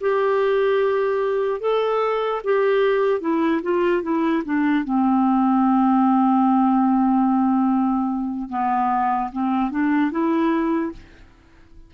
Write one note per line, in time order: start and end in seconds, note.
0.00 1.60 G4
1.60 2.41 A4
2.44 3.20 G4
3.20 3.61 E4
3.62 4.02 F4
4.02 4.43 E4
4.44 4.84 D4
4.84 8.49 C4
8.49 9.30 B3
9.32 9.70 C4
9.70 10.11 D4
10.11 10.92 E4